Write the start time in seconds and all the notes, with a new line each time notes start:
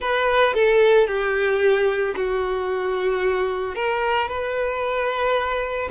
0.00 B4
0.54 A4
1.07 G4
2.15 F#4
3.75 A#4
4.28 B4